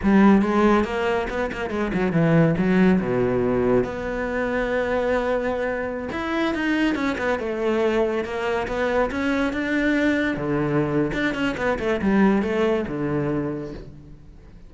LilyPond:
\new Staff \with { instrumentName = "cello" } { \time 4/4 \tempo 4 = 140 g4 gis4 ais4 b8 ais8 | gis8 fis8 e4 fis4 b,4~ | b,4 b2.~ | b2~ b16 e'4 dis'8.~ |
dis'16 cis'8 b8 a2 ais8.~ | ais16 b4 cis'4 d'4.~ d'16~ | d'16 d4.~ d16 d'8 cis'8 b8 a8 | g4 a4 d2 | }